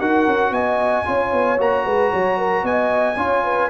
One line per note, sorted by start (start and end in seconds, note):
0.00 0.27 D#4
0.00 1.05 F#4
0.00 0.53 A#4
0.00 0.54 F#5
0.27 0.51 C#4
0.51 1.04 B3
0.51 1.06 D#5
0.51 1.59 G#5
1.05 1.33 C#4
1.05 1.58 F4
1.05 1.86 C#5
1.33 1.59 B3
1.58 1.85 A#3
1.58 3.16 F#4
1.58 2.66 A#5
1.86 2.12 G#3
1.86 2.12 B4
2.12 2.63 F#3
2.12 2.38 C#5
2.38 2.64 A#4
2.63 3.16 B3
2.63 3.17 D#5
2.63 3.70 G#5
3.17 3.70 C#4
3.17 3.70 F4
3.17 3.44 C#5
3.44 3.70 B4